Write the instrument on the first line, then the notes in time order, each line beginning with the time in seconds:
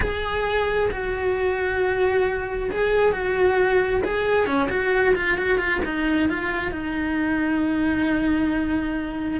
cello
0.00 G#4
0.91 F#4
2.71 G#4
3.12 F#4
4.04 G#4
4.46 C#4
4.69 F#4
5.15 F4
5.37 F#4
5.58 F4
5.84 D#4
6.29 F4
6.71 D#4